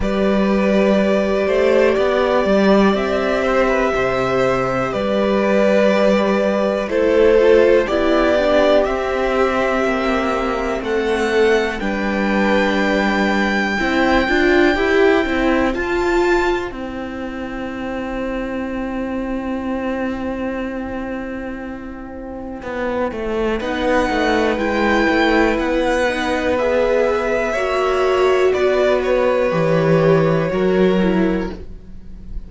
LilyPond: <<
  \new Staff \with { instrumentName = "violin" } { \time 4/4 \tempo 4 = 61 d''2. e''4~ | e''4 d''2 c''4 | d''4 e''2 fis''4 | g''1 |
a''4 g''2.~ | g''1 | fis''4 g''4 fis''4 e''4~ | e''4 d''8 cis''2~ cis''8 | }
  \new Staff \with { instrumentName = "violin" } { \time 4/4 b'4. c''8 d''4. c''16 b'16 | c''4 b'2 a'4 | g'2. a'4 | b'2 c''2~ |
c''1~ | c''1 | b'1 | cis''4 b'2 ais'4 | }
  \new Staff \with { instrumentName = "viola" } { \time 4/4 g'1~ | g'2. e'8 f'8 | e'8 d'8 c'2. | d'2 e'8 f'8 g'8 e'8 |
f'4 e'2.~ | e'1 | dis'4 e'4. dis'8 gis'4 | fis'2 g'4 fis'8 e'8 | }
  \new Staff \with { instrumentName = "cello" } { \time 4/4 g4. a8 b8 g8 c'4 | c4 g2 a4 | b4 c'4 ais4 a4 | g2 c'8 d'8 e'8 c'8 |
f'4 c'2.~ | c'2. b8 a8 | b8 a8 gis8 a8 b2 | ais4 b4 e4 fis4 | }
>>